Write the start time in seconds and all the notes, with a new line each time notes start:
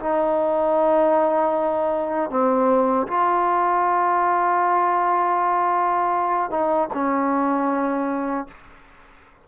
0.00 D#4
2.30 C4
3.08 F4
6.50 D#4
6.94 C#4